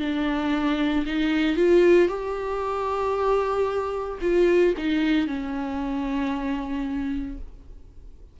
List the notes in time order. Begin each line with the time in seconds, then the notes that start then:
0.00 D4
1.06 D#4
1.56 F4
2.09 G4
4.22 F4
4.78 D#4
5.28 C#4